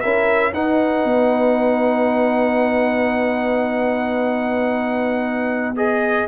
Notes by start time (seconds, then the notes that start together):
0.00 C#4 E4 A#4 E5
0.53 D#4 B4 F#5
1.04 B3
5.76 G#4 D#5